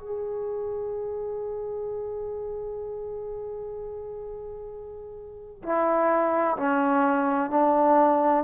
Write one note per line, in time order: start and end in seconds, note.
0.00 5.62 G#4
5.63 6.57 E4
6.57 7.50 C#4
7.50 8.44 D4